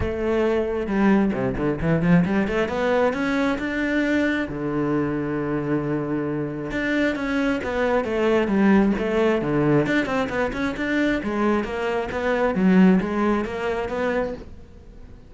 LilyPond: \new Staff \with { instrumentName = "cello" } { \time 4/4 \tempo 4 = 134 a2 g4 c8 d8 | e8 f8 g8 a8 b4 cis'4 | d'2 d2~ | d2. d'4 |
cis'4 b4 a4 g4 | a4 d4 d'8 c'8 b8 cis'8 | d'4 gis4 ais4 b4 | fis4 gis4 ais4 b4 | }